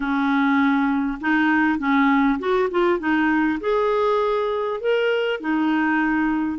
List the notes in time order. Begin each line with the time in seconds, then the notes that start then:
0.00 C#4
1.20 D#4
1.78 C#4
2.39 F#4
2.70 F4
2.99 D#4
3.60 G#4
4.80 A#4
5.40 D#4